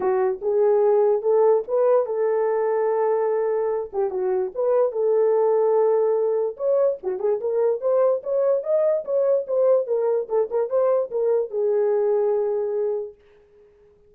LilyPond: \new Staff \with { instrumentName = "horn" } { \time 4/4 \tempo 4 = 146 fis'4 gis'2 a'4 | b'4 a'2.~ | a'4. g'8 fis'4 b'4 | a'1 |
cis''4 fis'8 gis'8 ais'4 c''4 | cis''4 dis''4 cis''4 c''4 | ais'4 a'8 ais'8 c''4 ais'4 | gis'1 | }